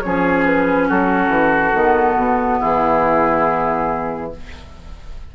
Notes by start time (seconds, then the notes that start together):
0.00 F3 C#4 G#4 C#5
0.45 B4
0.87 F#3 F#4 A4
1.28 E3
1.74 D#3 B3
2.16 B2
2.59 E3 E4 G#4